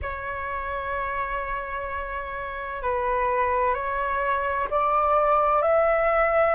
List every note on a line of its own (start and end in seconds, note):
0.02 2.82 C#5
2.82 3.74 B4
3.74 4.67 C#5
4.70 5.62 D5
5.62 6.55 E5